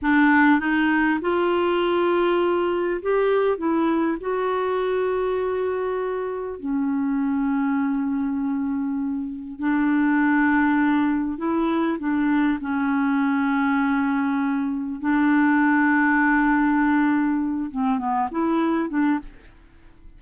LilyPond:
\new Staff \with { instrumentName = "clarinet" } { \time 4/4 \tempo 4 = 100 d'4 dis'4 f'2~ | f'4 g'4 e'4 fis'4~ | fis'2. cis'4~ | cis'1 |
d'2. e'4 | d'4 cis'2.~ | cis'4 d'2.~ | d'4. c'8 b8 e'4 d'8 | }